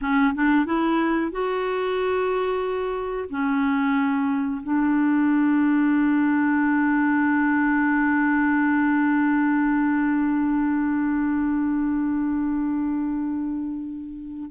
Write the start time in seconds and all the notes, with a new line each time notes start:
0.01 C#4
0.34 D4
0.65 E4
1.31 F#4
3.29 C#4
4.62 D4